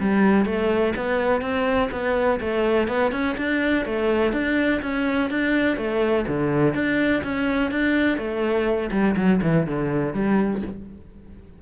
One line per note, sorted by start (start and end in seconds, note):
0.00 0.45 G3
0.45 0.93 A3
0.96 1.41 B3
1.41 1.89 C4
1.91 2.40 B3
2.40 2.87 A3
2.87 3.11 B3
3.11 3.36 C#4
3.37 3.85 D4
3.85 4.32 A3
4.32 4.81 D4
4.81 5.30 C#4
5.30 5.77 D4
5.77 6.25 A3
6.27 6.74 D3
6.74 7.23 D4
7.23 7.71 C#4
7.71 8.17 D4
8.17 8.90 A3
8.91 9.15 G3
9.16 9.40 F#3
9.42 9.66 E3
9.66 10.13 D3
10.13 10.61 G3